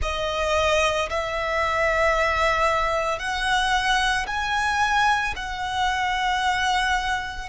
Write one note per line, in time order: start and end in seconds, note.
0.01 1.09 D#5
1.09 3.19 E5
3.19 4.26 F#5
4.26 5.33 G#5
5.36 7.48 F#5